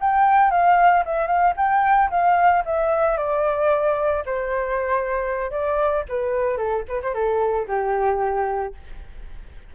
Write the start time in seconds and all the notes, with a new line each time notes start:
0.00 G5
0.50 F5
1.05 E5
1.27 F5
1.57 G5
2.10 F5
2.65 E5
3.17 D5
4.26 C5
5.51 D5
6.09 B4
6.57 A4
6.88 B4
7.02 C5
7.14 A4
7.67 G4